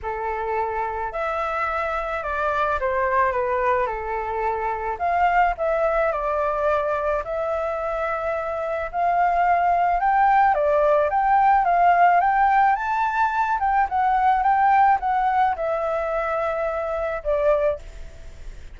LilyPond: \new Staff \with { instrumentName = "flute" } { \time 4/4 \tempo 4 = 108 a'2 e''2 | d''4 c''4 b'4 a'4~ | a'4 f''4 e''4 d''4~ | d''4 e''2. |
f''2 g''4 d''4 | g''4 f''4 g''4 a''4~ | a''8 g''8 fis''4 g''4 fis''4 | e''2. d''4 | }